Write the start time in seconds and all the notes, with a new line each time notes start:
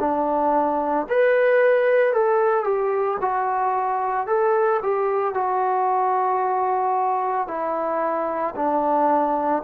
0.00 D4
1.10 B4
2.13 A4
2.64 G4
3.21 F#4
4.27 A4
4.83 G4
5.34 F#4
7.48 E4
8.56 D4